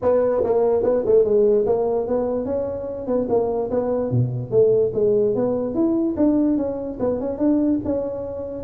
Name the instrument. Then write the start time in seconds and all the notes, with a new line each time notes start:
tuba
0.02 B3
0.43 A#3
0.83 B3
1.05 A3
1.24 G#3
1.66 A#3
2.07 B3
2.45 C#4
3.07 B3
3.29 A#3
3.70 B3
4.10 B2
4.50 A3
4.94 G#3
5.35 B3
5.74 E4
6.16 D4
6.57 C#4
6.99 B3
7.20 C#4
7.38 D4
7.84 C#4